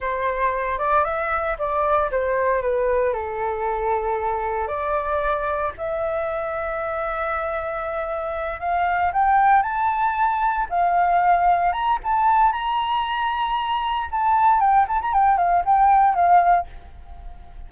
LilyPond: \new Staff \with { instrumentName = "flute" } { \time 4/4 \tempo 4 = 115 c''4. d''8 e''4 d''4 | c''4 b'4 a'2~ | a'4 d''2 e''4~ | e''1~ |
e''8 f''4 g''4 a''4.~ | a''8 f''2 ais''8 a''4 | ais''2. a''4 | g''8 a''16 ais''16 g''8 f''8 g''4 f''4 | }